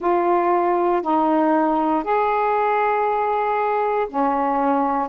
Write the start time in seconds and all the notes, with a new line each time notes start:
0.00 F4
1.02 D#4
2.03 G#4
4.09 C#4